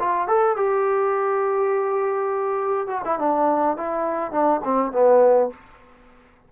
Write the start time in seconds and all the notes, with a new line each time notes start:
0.00 F4
0.28 A4
0.57 G4
2.88 F#4
3.05 E4
3.19 D4
3.78 E4
4.32 D4
4.65 C4
4.92 B3